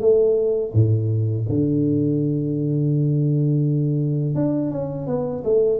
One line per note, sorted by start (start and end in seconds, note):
0.00 0.72 A3
0.74 1.46 A2
1.49 4.35 D3
4.35 4.71 D4
4.71 5.07 C#4
5.07 5.43 B3
5.44 5.80 A3